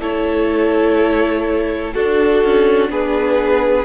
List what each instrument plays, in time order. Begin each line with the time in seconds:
0.00 cello A3, viola E4, violin A4 C#5
1.94 cello D4, viola D4, violin F#4 A4
2.44 cello C#4
2.89 cello B3, violin G#4 B4